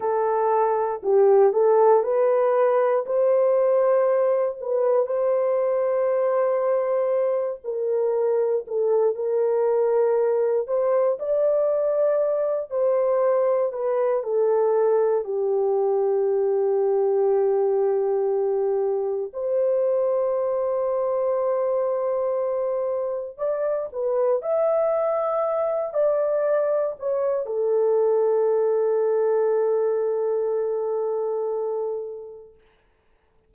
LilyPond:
\new Staff \with { instrumentName = "horn" } { \time 4/4 \tempo 4 = 59 a'4 g'8 a'8 b'4 c''4~ | c''8 b'8 c''2~ c''8 ais'8~ | ais'8 a'8 ais'4. c''8 d''4~ | d''8 c''4 b'8 a'4 g'4~ |
g'2. c''4~ | c''2. d''8 b'8 | e''4. d''4 cis''8 a'4~ | a'1 | }